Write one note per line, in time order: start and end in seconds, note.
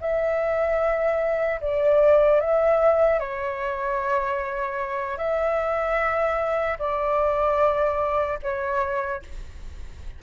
0.00 1.60 E5
1.60 2.40 D5
2.40 3.19 E5
3.19 5.17 C#5
5.17 6.77 E5
6.79 8.39 D5
8.42 9.22 C#5